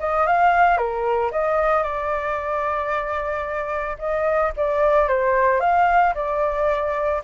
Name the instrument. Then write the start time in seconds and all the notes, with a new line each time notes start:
flute
0.00 D#5
0.27 F5
0.78 A#4
1.31 D#5
1.83 D5
3.99 D#5
4.57 D5
5.08 C5
5.61 F5
6.15 D5